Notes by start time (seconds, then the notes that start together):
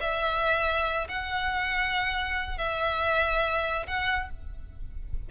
0.00 E5
1.08 F#5
2.58 E5
3.87 F#5